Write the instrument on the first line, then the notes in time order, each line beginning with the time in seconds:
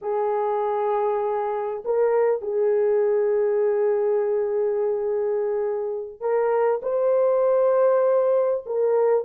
horn
0.01 G#4
1.84 A#4
2.41 G#4
6.20 A#4
6.82 C5
8.65 A#4